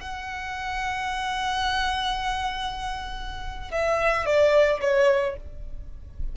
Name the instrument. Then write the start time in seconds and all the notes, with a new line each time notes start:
violin
0.00 F#5
3.71 E5
4.26 D5
4.81 C#5